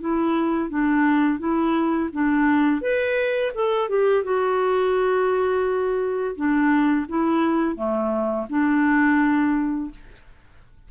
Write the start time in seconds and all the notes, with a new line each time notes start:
0.00 E4
0.69 D4
1.39 E4
2.12 D4
2.81 B4
3.55 A4
3.89 G4
4.23 F#4
6.35 D4
7.08 E4
7.75 A3
8.49 D4